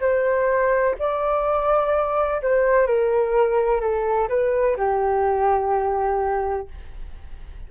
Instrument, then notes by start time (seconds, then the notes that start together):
flute
0.00 C5
0.99 D5
2.42 C5
2.87 A#4
3.81 A4
4.29 B4
4.77 G4